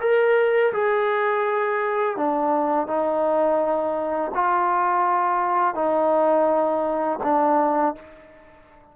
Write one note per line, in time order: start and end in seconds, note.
0.00 0.72 A#4
0.73 2.17 G#4
2.17 2.87 D4
2.87 4.31 D#4
4.34 5.75 F4
5.75 7.19 D#4
7.23 7.95 D4